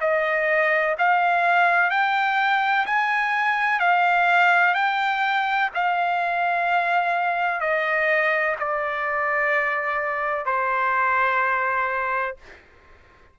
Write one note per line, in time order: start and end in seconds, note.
0.00 0.95 D#5
0.98 1.90 F5
1.90 2.85 G5
2.86 3.79 G#5
3.79 4.74 F5
4.74 5.69 G5
5.74 7.60 F5
7.60 8.55 D#5
8.59 10.45 D5
10.45 12.36 C5